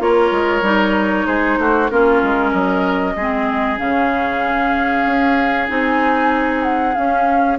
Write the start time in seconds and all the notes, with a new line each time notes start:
0.00 A#3 F4 A#4 C#5
0.31 G#3
0.62 G3 D#4
1.27 G#3 G#4 C5
1.58 A3 F#4
1.90 A#3 C#4 F4 A#4
2.22 G#3
2.51 F#3 A#4 D#5
3.16 G#3 C4 G#4
3.77 C#3 C#4 F5
5.06 C#4
5.68 C4 D#4 G#5
6.63 F#5
6.95 C#4 F5